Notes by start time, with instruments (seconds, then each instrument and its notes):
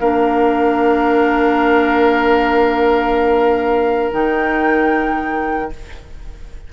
0.00 bassoon A#3, clarinet D4, oboe A#4, flute F5
4.12 bassoon D#3, clarinet D#4, flute G5